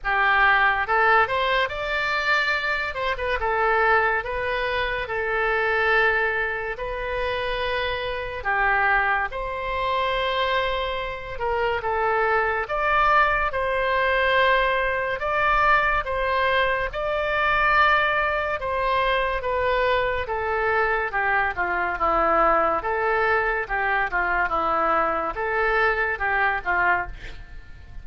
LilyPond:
\new Staff \with { instrumentName = "oboe" } { \time 4/4 \tempo 4 = 71 g'4 a'8 c''8 d''4. c''16 b'16 | a'4 b'4 a'2 | b'2 g'4 c''4~ | c''4. ais'8 a'4 d''4 |
c''2 d''4 c''4 | d''2 c''4 b'4 | a'4 g'8 f'8 e'4 a'4 | g'8 f'8 e'4 a'4 g'8 f'8 | }